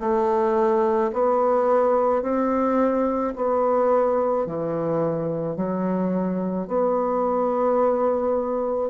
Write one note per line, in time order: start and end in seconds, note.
0.00 1.11 A3
1.13 2.23 B3
2.23 3.34 C4
3.36 4.46 B3
4.46 5.57 E3
5.57 6.68 F#3
6.68 8.90 B3